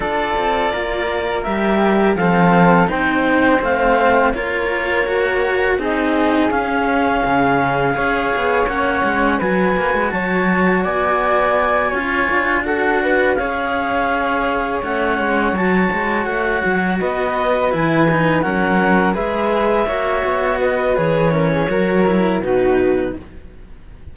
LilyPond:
<<
  \new Staff \with { instrumentName = "clarinet" } { \time 4/4 \tempo 4 = 83 d''2 e''4 f''4 | g''4 f''4 cis''2 | dis''4 f''2. | fis''4 gis''4 a''4 gis''4~ |
gis''4. fis''4 f''4.~ | f''8 fis''4 a''4 fis''4 dis''8~ | dis''8 gis''4 fis''4 e''4.~ | e''8 dis''8 cis''2 b'4 | }
  \new Staff \with { instrumentName = "flute" } { \time 4/4 a'4 ais'2 a'4 | c''2 ais'2 | gis'2. cis''4~ | cis''4 b'4 cis''4 d''4~ |
d''8 cis''4 a'8 b'8 cis''4.~ | cis''2.~ cis''8 b'8~ | b'4. ais'4 b'4 cis''8~ | cis''8 b'4 ais'16 gis'16 ais'4 fis'4 | }
  \new Staff \with { instrumentName = "cello" } { \time 4/4 f'2 g'4 c'4 | dis'4 c'4 f'4 fis'4 | dis'4 cis'2 gis'4 | cis'4 fis'2.~ |
fis'8 f'4 fis'4 gis'4.~ | gis'8 cis'4 fis'2~ fis'8~ | fis'8 e'8 dis'8 cis'4 gis'4 fis'8~ | fis'4 gis'8 cis'8 fis'8 e'8 dis'4 | }
  \new Staff \with { instrumentName = "cello" } { \time 4/4 d'8 c'8 ais4 g4 f4 | c'4 a4 ais2 | c'4 cis'4 cis4 cis'8 b8 | ais8 gis8 fis8 ais16 gis16 fis4 b4~ |
b8 cis'8 d'4. cis'4.~ | cis'8 a8 gis8 fis8 gis8 a8 fis8 b8~ | b8 e4 fis4 gis4 ais8 | b4 e4 fis4 b,4 | }
>>